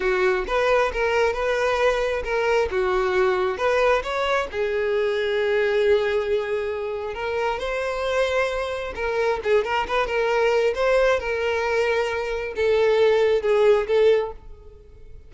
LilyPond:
\new Staff \with { instrumentName = "violin" } { \time 4/4 \tempo 4 = 134 fis'4 b'4 ais'4 b'4~ | b'4 ais'4 fis'2 | b'4 cis''4 gis'2~ | gis'1 |
ais'4 c''2. | ais'4 gis'8 ais'8 b'8 ais'4. | c''4 ais'2. | a'2 gis'4 a'4 | }